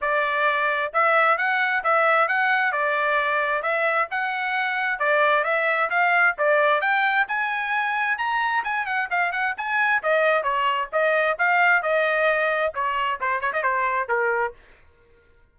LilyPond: \new Staff \with { instrumentName = "trumpet" } { \time 4/4 \tempo 4 = 132 d''2 e''4 fis''4 | e''4 fis''4 d''2 | e''4 fis''2 d''4 | e''4 f''4 d''4 g''4 |
gis''2 ais''4 gis''8 fis''8 | f''8 fis''8 gis''4 dis''4 cis''4 | dis''4 f''4 dis''2 | cis''4 c''8 cis''16 dis''16 c''4 ais'4 | }